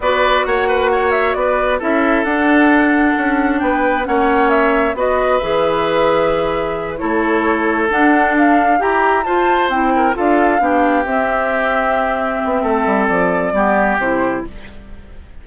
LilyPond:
<<
  \new Staff \with { instrumentName = "flute" } { \time 4/4 \tempo 4 = 133 d''4 fis''4. e''8 d''4 | e''4 fis''2. | g''4 fis''4 e''4 dis''4 | e''2.~ e''8 cis''8~ |
cis''4. fis''4 f''4 ais''8~ | ais''8 a''4 g''4 f''4.~ | f''8 e''2.~ e''8~ | e''4 d''2 c''4 | }
  \new Staff \with { instrumentName = "oboe" } { \time 4/4 b'4 cis''8 b'8 cis''4 b'4 | a'1 | b'4 cis''2 b'4~ | b'2.~ b'8 a'8~ |
a'2.~ a'8 g'8~ | g'8 c''4. ais'8 a'4 g'8~ | g'1 | a'2 g'2 | }
  \new Staff \with { instrumentName = "clarinet" } { \time 4/4 fis'1 | e'4 d'2.~ | d'4 cis'2 fis'4 | gis'2.~ gis'8 e'8~ |
e'4. d'2 g'8~ | g'8 f'4 e'4 f'4 d'8~ | d'8 c'2.~ c'8~ | c'2 b4 e'4 | }
  \new Staff \with { instrumentName = "bassoon" } { \time 4/4 b4 ais2 b4 | cis'4 d'2 cis'4 | b4 ais2 b4 | e2.~ e8 a8~ |
a4. d'2 e'8~ | e'8 f'4 c'4 d'4 b8~ | b8 c'2. b8 | a8 g8 f4 g4 c4 | }
>>